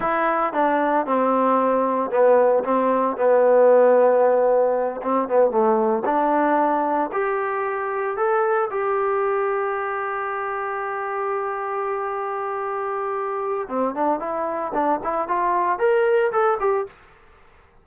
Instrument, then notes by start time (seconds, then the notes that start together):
trombone
0.00 E4
0.53 D4
1.06 C4
2.11 B3
2.64 C4
3.17 B3
5.01 C4
5.28 B3
5.50 A3
6.05 D4
7.12 G4
8.16 A4
8.70 G4
13.68 C4
13.94 D4
14.19 E4
14.73 D4
15.03 E4
15.28 F4
15.78 A#4
16.32 A4
16.60 G4